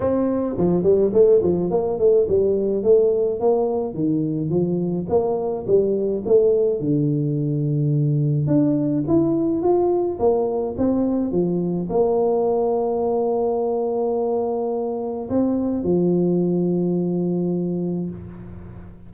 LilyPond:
\new Staff \with { instrumentName = "tuba" } { \time 4/4 \tempo 4 = 106 c'4 f8 g8 a8 f8 ais8 a8 | g4 a4 ais4 dis4 | f4 ais4 g4 a4 | d2. d'4 |
e'4 f'4 ais4 c'4 | f4 ais2.~ | ais2. c'4 | f1 | }